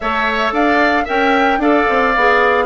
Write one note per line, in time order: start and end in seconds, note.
0.00 0.52 A3
0.00 1.06 A4
0.00 0.53 C#5
0.00 0.51 E5
0.52 1.06 D4
0.52 1.04 D5
0.52 1.07 F5
1.04 1.58 C#4
1.04 1.59 A#4
1.04 1.58 E5
1.04 1.61 G5
1.58 1.85 D4
1.58 2.14 A4
1.58 2.65 D5
1.58 2.65 F5
1.89 2.15 C4
2.15 2.65 B3
2.15 2.65 G#4